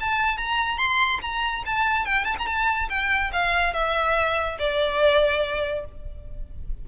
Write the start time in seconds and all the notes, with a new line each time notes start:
0.00 A5
0.37 A#5
0.78 C6
1.21 A#5
1.65 A5
2.05 G5
2.24 A5
2.38 A#5
2.46 A5
2.89 G5
3.32 F5
3.73 E5
4.59 D5